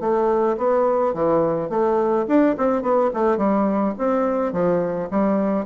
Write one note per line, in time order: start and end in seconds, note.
0.00 0.57 A3
0.57 1.14 B3
1.14 1.69 E3
1.69 2.26 A3
2.27 2.56 D4
2.57 2.82 C4
2.82 3.10 B3
3.14 3.37 A3
3.37 3.94 G3
3.98 4.52 C4
4.52 5.09 F3
5.11 5.65 G3